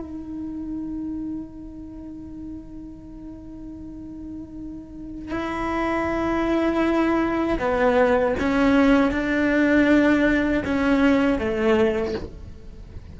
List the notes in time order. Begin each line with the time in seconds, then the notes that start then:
0.00 D#4
5.31 E4
7.59 B3
8.40 C#4
9.11 D4
10.65 C#4
11.39 A3